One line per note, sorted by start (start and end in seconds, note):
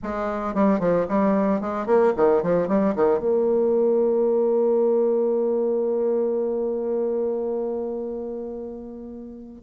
0.03 0.54 G#3
0.54 0.79 G3
0.79 1.06 F3
1.08 1.60 G3
1.60 1.86 G#3
1.86 2.13 A#3
2.16 2.43 D#3
2.43 2.68 F3
2.68 2.95 G3
2.95 3.19 D#3
3.19 9.62 A#3